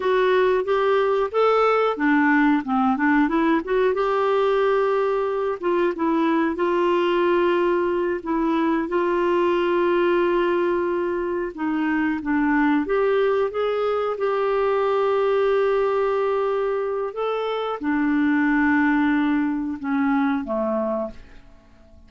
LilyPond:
\new Staff \with { instrumentName = "clarinet" } { \time 4/4 \tempo 4 = 91 fis'4 g'4 a'4 d'4 | c'8 d'8 e'8 fis'8 g'2~ | g'8 f'8 e'4 f'2~ | f'8 e'4 f'2~ f'8~ |
f'4. dis'4 d'4 g'8~ | g'8 gis'4 g'2~ g'8~ | g'2 a'4 d'4~ | d'2 cis'4 a4 | }